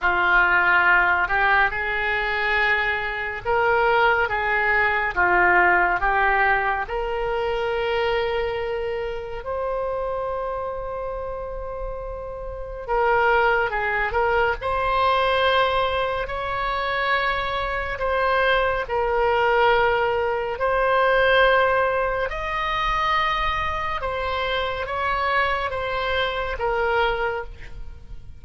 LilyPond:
\new Staff \with { instrumentName = "oboe" } { \time 4/4 \tempo 4 = 70 f'4. g'8 gis'2 | ais'4 gis'4 f'4 g'4 | ais'2. c''4~ | c''2. ais'4 |
gis'8 ais'8 c''2 cis''4~ | cis''4 c''4 ais'2 | c''2 dis''2 | c''4 cis''4 c''4 ais'4 | }